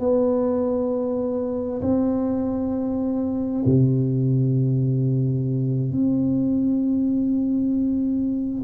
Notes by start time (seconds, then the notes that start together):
0.00 B3
1.82 C4
3.66 C3
5.92 C4